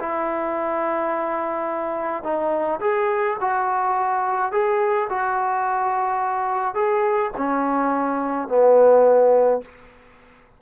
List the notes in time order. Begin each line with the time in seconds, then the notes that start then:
0.00 E4
2.24 D#4
2.81 G#4
3.41 F#4
4.52 G#4
5.10 F#4
6.75 G#4
7.38 C#4
8.49 B3